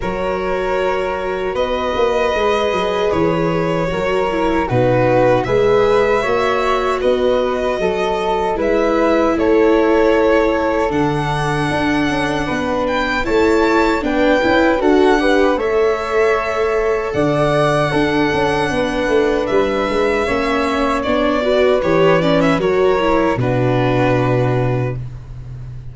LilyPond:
<<
  \new Staff \with { instrumentName = "violin" } { \time 4/4 \tempo 4 = 77 cis''2 dis''2 | cis''2 b'4 e''4~ | e''4 dis''2 e''4 | cis''2 fis''2~ |
fis''8 g''8 a''4 g''4 fis''4 | e''2 fis''2~ | fis''4 e''2 d''4 | cis''8 d''16 e''16 cis''4 b'2 | }
  \new Staff \with { instrumentName = "flute" } { \time 4/4 ais'2 b'2~ | b'4 ais'4 fis'4 b'4 | cis''4 b'4 a'4 b'4 | a'1 |
b'4 cis''4 b'4 a'8 b'8 | cis''2 d''4 a'4 | b'2 cis''4. b'8~ | b'4 ais'4 fis'2 | }
  \new Staff \with { instrumentName = "viola" } { \time 4/4 fis'2. gis'4~ | gis'4 fis'8 e'8 dis'4 gis'4 | fis'2. e'4~ | e'2 d'2~ |
d'4 e'4 d'8 e'8 fis'8 g'8 | a'2. d'4~ | d'2 cis'4 d'8 fis'8 | g'8 cis'8 fis'8 e'8 d'2 | }
  \new Staff \with { instrumentName = "tuba" } { \time 4/4 fis2 b8 ais8 gis8 fis8 | e4 fis4 b,4 gis4 | ais4 b4 fis4 gis4 | a2 d4 d'8 cis'8 |
b4 a4 b8 cis'8 d'4 | a2 d4 d'8 cis'8 | b8 a8 g8 gis8 ais4 b4 | e4 fis4 b,2 | }
>>